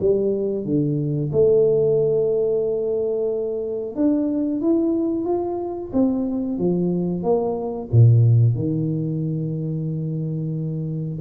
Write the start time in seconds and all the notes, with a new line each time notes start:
0.00 G3
0.64 D3
1.32 A3
3.95 D4
4.60 E4
5.25 F4
5.93 C4
6.58 F3
7.23 A#3
7.92 A#2
8.55 D#3